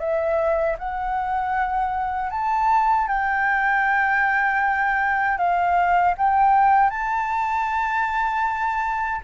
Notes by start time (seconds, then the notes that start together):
0.00 E5
0.79 F#5
2.31 A5
3.08 G5
5.38 F5
6.18 G5
6.91 A5